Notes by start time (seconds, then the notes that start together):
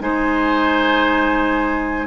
0.00 G#3 D#4 C5 G#5